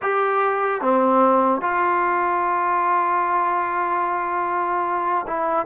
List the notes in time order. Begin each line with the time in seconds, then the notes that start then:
0.01 G4
0.81 C4
1.61 F4
5.27 E4